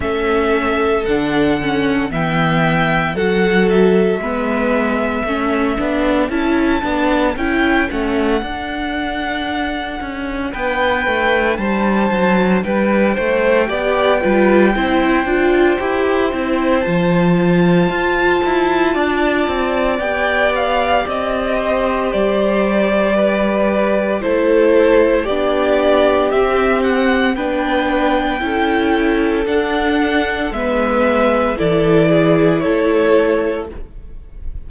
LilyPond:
<<
  \new Staff \with { instrumentName = "violin" } { \time 4/4 \tempo 4 = 57 e''4 fis''4 g''4 fis''8 e''8~ | e''2 a''4 g''8 fis''8~ | fis''2 g''4 a''4 | g''1 |
a''2. g''8 f''8 | dis''4 d''2 c''4 | d''4 e''8 fis''8 g''2 | fis''4 e''4 d''4 cis''4 | }
  \new Staff \with { instrumentName = "violin" } { \time 4/4 a'2 e''4 a'4 | b'4 a'2.~ | a'2 b'4 c''4 | b'8 c''8 d''8 b'8 c''2~ |
c''2 d''2~ | d''8 c''4. b'4 a'4 | g'2 b'4 a'4~ | a'4 b'4 a'8 gis'8 a'4 | }
  \new Staff \with { instrumentName = "viola" } { \time 4/4 cis'4 d'8 cis'8 b4 fis'4 | b4 cis'8 d'8 e'8 d'8 e'8 cis'8 | d'1~ | d'4 g'8 f'8 e'8 f'8 g'8 e'8 |
f'2. g'4~ | g'2. e'4 | d'4 c'4 d'4 e'4 | d'4 b4 e'2 | }
  \new Staff \with { instrumentName = "cello" } { \time 4/4 a4 d4 e4 fis4 | gis4 a8 b8 cis'8 b8 cis'8 a8 | d'4. cis'8 b8 a8 g8 fis8 | g8 a8 b8 g8 c'8 d'8 e'8 c'8 |
f4 f'8 e'8 d'8 c'8 b4 | c'4 g2 a4 | b4 c'4 b4 cis'4 | d'4 gis4 e4 a4 | }
>>